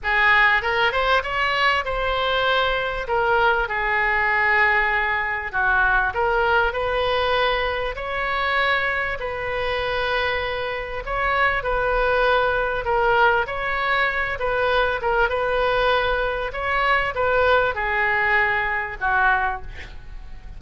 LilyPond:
\new Staff \with { instrumentName = "oboe" } { \time 4/4 \tempo 4 = 98 gis'4 ais'8 c''8 cis''4 c''4~ | c''4 ais'4 gis'2~ | gis'4 fis'4 ais'4 b'4~ | b'4 cis''2 b'4~ |
b'2 cis''4 b'4~ | b'4 ais'4 cis''4. b'8~ | b'8 ais'8 b'2 cis''4 | b'4 gis'2 fis'4 | }